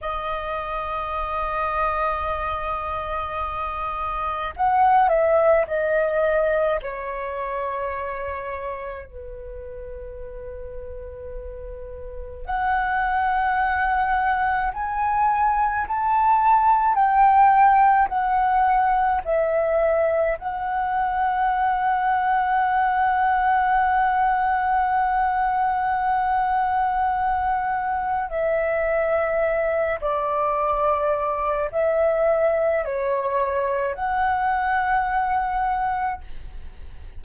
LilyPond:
\new Staff \with { instrumentName = "flute" } { \time 4/4 \tempo 4 = 53 dis''1 | fis''8 e''8 dis''4 cis''2 | b'2. fis''4~ | fis''4 gis''4 a''4 g''4 |
fis''4 e''4 fis''2~ | fis''1~ | fis''4 e''4. d''4. | e''4 cis''4 fis''2 | }